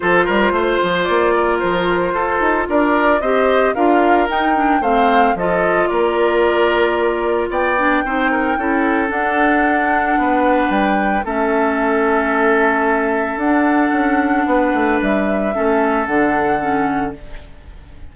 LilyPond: <<
  \new Staff \with { instrumentName = "flute" } { \time 4/4 \tempo 4 = 112 c''2 d''4 c''4~ | c''4 d''4 dis''4 f''4 | g''4 f''4 dis''4 d''4~ | d''2 g''2~ |
g''4 fis''2. | g''4 e''2.~ | e''4 fis''2. | e''2 fis''2 | }
  \new Staff \with { instrumentName = "oboe" } { \time 4/4 a'8 ais'8 c''4. ais'4. | a'4 ais'4 c''4 ais'4~ | ais'4 c''4 a'4 ais'4~ | ais'2 d''4 c''8 ais'8 |
a'2. b'4~ | b'4 a'2.~ | a'2. b'4~ | b'4 a'2. | }
  \new Staff \with { instrumentName = "clarinet" } { \time 4/4 f'1~ | f'2 g'4 f'4 | dis'8 d'8 c'4 f'2~ | f'2~ f'8 d'8 dis'4 |
e'4 d'2.~ | d'4 cis'2.~ | cis'4 d'2.~ | d'4 cis'4 d'4 cis'4 | }
  \new Staff \with { instrumentName = "bassoon" } { \time 4/4 f8 g8 a8 f8 ais4 f4 | f'8 dis'8 d'4 c'4 d'4 | dis'4 a4 f4 ais4~ | ais2 b4 c'4 |
cis'4 d'2 b4 | g4 a2.~ | a4 d'4 cis'4 b8 a8 | g4 a4 d2 | }
>>